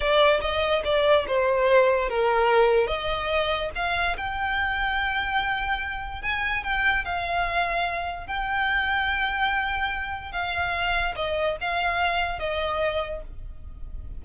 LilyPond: \new Staff \with { instrumentName = "violin" } { \time 4/4 \tempo 4 = 145 d''4 dis''4 d''4 c''4~ | c''4 ais'2 dis''4~ | dis''4 f''4 g''2~ | g''2. gis''4 |
g''4 f''2. | g''1~ | g''4 f''2 dis''4 | f''2 dis''2 | }